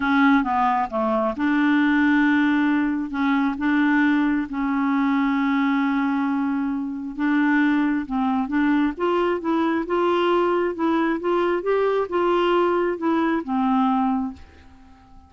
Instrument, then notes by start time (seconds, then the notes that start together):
clarinet
0.00 C#4
0.43 B3
0.90 A3
1.36 D4
3.10 C#4
3.58 D4
4.49 C#4
7.16 D4
8.06 C4
8.48 D4
8.97 F4
9.40 E4
9.86 F4
10.74 E4
11.20 F4
11.62 G4
12.09 F4
12.97 E4
13.43 C4